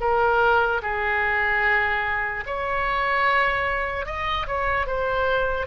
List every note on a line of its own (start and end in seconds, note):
0.00 0.81 A#4
0.82 2.44 G#4
2.46 4.05 C#5
4.05 4.46 D#5
4.46 4.86 C#5
4.86 5.66 C5